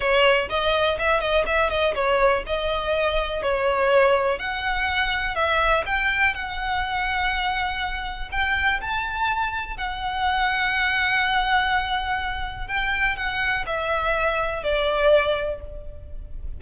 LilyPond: \new Staff \with { instrumentName = "violin" } { \time 4/4 \tempo 4 = 123 cis''4 dis''4 e''8 dis''8 e''8 dis''8 | cis''4 dis''2 cis''4~ | cis''4 fis''2 e''4 | g''4 fis''2.~ |
fis''4 g''4 a''2 | fis''1~ | fis''2 g''4 fis''4 | e''2 d''2 | }